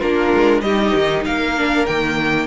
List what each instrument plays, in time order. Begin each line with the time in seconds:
0.00 cello A#3, viola D4, violin F4 A#4
0.34 cello G#3
0.61 cello G3, viola D#4, violin G4 D#5
0.95 cello D#3
1.25 cello A#3, violin A#4 F5
1.57 viola D4
1.86 cello D#3, viola A#3, violin G5